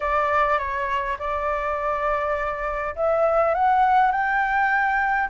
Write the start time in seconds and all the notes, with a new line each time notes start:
0.00 D5
0.58 C#5
1.18 D5
2.95 E5
3.54 F#5
4.11 G5